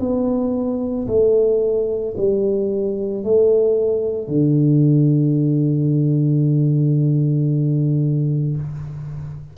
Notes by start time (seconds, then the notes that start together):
0.00 B3
1.08 A3
2.17 G3
3.24 A3
4.28 D3